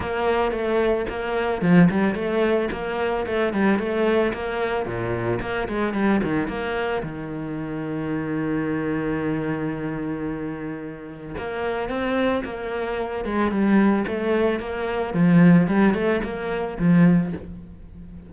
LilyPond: \new Staff \with { instrumentName = "cello" } { \time 4/4 \tempo 4 = 111 ais4 a4 ais4 f8 g8 | a4 ais4 a8 g8 a4 | ais4 ais,4 ais8 gis8 g8 dis8 | ais4 dis2.~ |
dis1~ | dis4 ais4 c'4 ais4~ | ais8 gis8 g4 a4 ais4 | f4 g8 a8 ais4 f4 | }